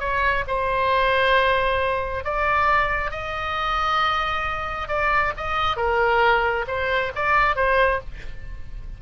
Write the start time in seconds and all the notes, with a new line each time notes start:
0.00 C#5
0.47 C5
2.24 D5
3.11 D#5
4.88 D5
5.37 D#5
5.77 A#4
6.67 C5
7.15 D5
7.56 C5